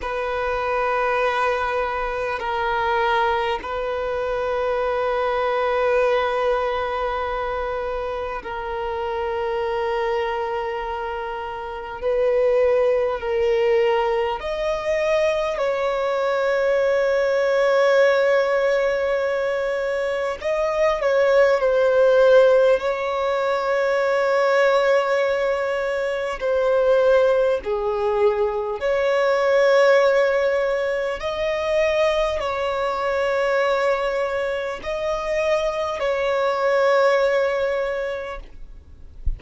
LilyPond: \new Staff \with { instrumentName = "violin" } { \time 4/4 \tempo 4 = 50 b'2 ais'4 b'4~ | b'2. ais'4~ | ais'2 b'4 ais'4 | dis''4 cis''2.~ |
cis''4 dis''8 cis''8 c''4 cis''4~ | cis''2 c''4 gis'4 | cis''2 dis''4 cis''4~ | cis''4 dis''4 cis''2 | }